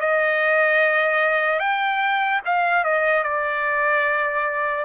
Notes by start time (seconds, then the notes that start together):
0.00 D#5
1.59 G5
2.45 F5
2.84 D#5
3.23 D5